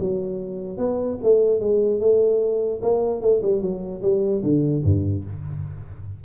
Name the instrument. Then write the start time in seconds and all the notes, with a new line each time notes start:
tuba
0.00 F#3
0.78 B3
1.23 A3
1.61 G#3
2.01 A3
2.83 A#3
3.22 A3
3.42 G3
3.62 F#3
4.02 G3
4.43 D3
4.84 G2